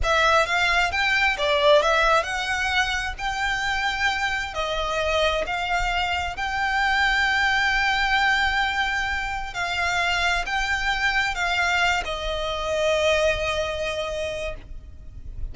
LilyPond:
\new Staff \with { instrumentName = "violin" } { \time 4/4 \tempo 4 = 132 e''4 f''4 g''4 d''4 | e''4 fis''2 g''4~ | g''2 dis''2 | f''2 g''2~ |
g''1~ | g''4 f''2 g''4~ | g''4 f''4. dis''4.~ | dis''1 | }